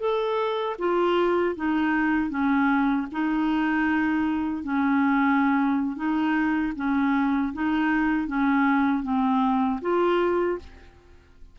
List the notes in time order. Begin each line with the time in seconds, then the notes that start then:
0.00 A4
0.79 F4
1.56 D#4
2.30 C#4
3.12 D#4
4.64 C#4
5.97 D#4
6.77 C#4
7.54 D#4
8.28 C#4
9.03 C4
9.82 F4